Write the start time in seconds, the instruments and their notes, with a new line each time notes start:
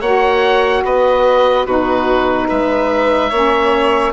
0.00 bassoon A#3, saxophone F#4, violin C#5, oboe F#5
0.83 bassoon B3, violin B4, oboe D#5
1.65 bassoon B2, saxophone D#4, violin F#4, oboe B4
2.47 bassoon G#3, violin B4, oboe E5
3.30 bassoon A#3, saxophone C#4, violin C#5